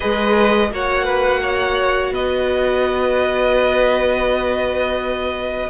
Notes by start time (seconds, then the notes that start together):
0.00 G#3 G#4 B4 D#5
0.70 A#3 F#4 C#5 F#5
1.04 B4
1.42 C#5
2.11 B3 B4 D#5